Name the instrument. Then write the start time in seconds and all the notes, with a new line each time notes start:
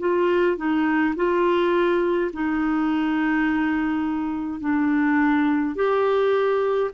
clarinet
0.00 F4
0.57 D#4
1.16 F4
2.33 D#4
4.61 D4
5.76 G4